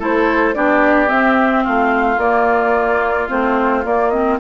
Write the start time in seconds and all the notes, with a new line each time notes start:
0.00 A3 E4 A4 C5
0.55 B3 D4 G4 D5
1.07 C4 E5
1.64 A3 F4 F5
2.17 A#3 D5
3.29 A3 C4 C5
3.85 A#3 D5
4.10 C4 D#5